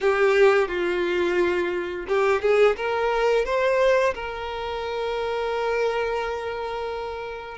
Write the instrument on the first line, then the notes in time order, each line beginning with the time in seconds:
violin
0.00 G4
0.68 F4
2.08 G4
2.41 G#4
2.76 A#4
3.45 C5
4.14 A#4